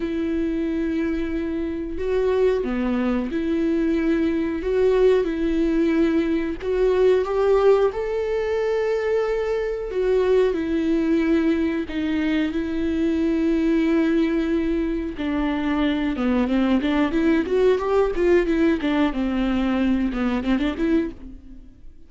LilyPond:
\new Staff \with { instrumentName = "viola" } { \time 4/4 \tempo 4 = 91 e'2. fis'4 | b4 e'2 fis'4 | e'2 fis'4 g'4 | a'2. fis'4 |
e'2 dis'4 e'4~ | e'2. d'4~ | d'8 b8 c'8 d'8 e'8 fis'8 g'8 f'8 | e'8 d'8 c'4. b8 c'16 d'16 e'8 | }